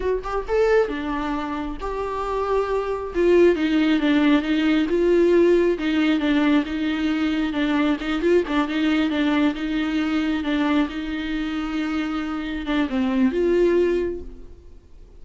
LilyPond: \new Staff \with { instrumentName = "viola" } { \time 4/4 \tempo 4 = 135 fis'8 g'8 a'4 d'2 | g'2. f'4 | dis'4 d'4 dis'4 f'4~ | f'4 dis'4 d'4 dis'4~ |
dis'4 d'4 dis'8 f'8 d'8 dis'8~ | dis'8 d'4 dis'2 d'8~ | d'8 dis'2.~ dis'8~ | dis'8 d'8 c'4 f'2 | }